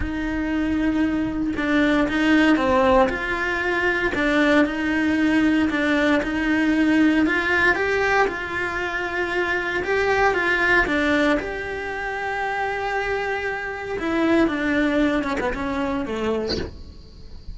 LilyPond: \new Staff \with { instrumentName = "cello" } { \time 4/4 \tempo 4 = 116 dis'2. d'4 | dis'4 c'4 f'2 | d'4 dis'2 d'4 | dis'2 f'4 g'4 |
f'2. g'4 | f'4 d'4 g'2~ | g'2. e'4 | d'4. cis'16 b16 cis'4 a4 | }